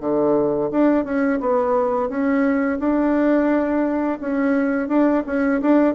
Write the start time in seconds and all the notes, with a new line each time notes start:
0.00 D3
0.70 D4
1.04 C#4
1.40 B3
2.08 C#4
2.79 D4
4.20 C#4
4.88 D4
5.26 C#4
5.61 D4